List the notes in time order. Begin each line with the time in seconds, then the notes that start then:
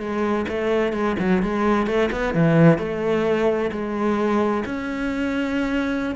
0.00 G#3
0.49 A3
0.93 G#3
1.19 F#3
1.42 G#3
1.87 A3
2.12 B3
2.34 E3
2.79 A3
3.72 G#3
4.66 C#4